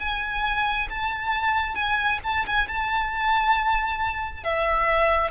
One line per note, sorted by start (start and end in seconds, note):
0.00 0.88 G#5
0.90 1.75 A5
1.75 2.19 G#5
2.23 2.45 A5
2.47 2.68 G#5
2.68 4.44 A5
4.44 5.31 E5